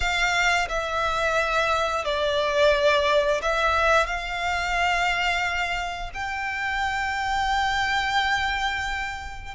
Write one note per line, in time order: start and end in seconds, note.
0.00 0.68 F5
0.68 2.05 E5
2.05 3.41 D5
3.42 4.06 E5
4.06 6.10 F5
6.14 9.54 G5